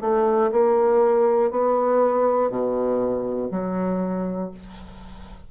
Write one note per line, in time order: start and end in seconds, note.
0.00 0.50 A3
0.51 1.50 A#3
1.50 2.50 B3
2.50 3.50 B2
3.50 4.50 F#3